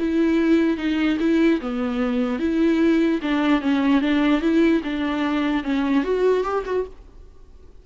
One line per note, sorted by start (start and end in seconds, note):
0.00 0.78 E4
0.78 1.18 D#4
1.20 1.61 E4
1.61 2.40 B3
2.40 3.21 E4
3.23 3.62 D4
3.62 4.02 C#4
4.02 4.42 D4
4.42 4.82 E4
4.84 5.64 D4
5.64 6.04 C#4
6.04 6.44 F#4
6.44 6.64 G4
6.66 6.86 F#4